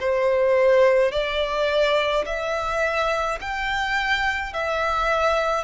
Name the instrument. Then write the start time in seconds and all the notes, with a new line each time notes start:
violin
0.00 C5
1.12 D5
2.25 E5
3.41 G5
4.53 E5